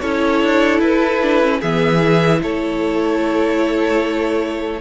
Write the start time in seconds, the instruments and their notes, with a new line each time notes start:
0.00 cello C#4, viola E4, violin A4 C#5
0.42 cello D4
0.79 cello E4, violin B4
1.22 viola D4
1.41 viola C#4
1.60 cello E3, viola B3, violin G#4 E5
1.99 viola E4
2.42 cello A3, violin A4 C#5